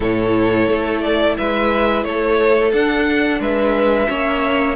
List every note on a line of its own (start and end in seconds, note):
0.00 0.68 A2
0.00 2.72 E4
0.00 1.36 A4
0.00 1.01 C#5
0.68 1.36 A3
1.01 1.35 D5
1.37 2.04 G#3
1.37 2.06 B4
1.37 2.03 E5
2.03 2.72 A3
2.03 3.40 A4
2.03 2.72 C#5
2.72 4.08 D4
2.72 3.39 D4
2.72 3.41 F#5
3.39 4.07 G#3
3.39 4.08 B4
3.39 4.76 E5
4.08 4.76 A#3
4.08 4.76 C#4
4.08 4.76 C#5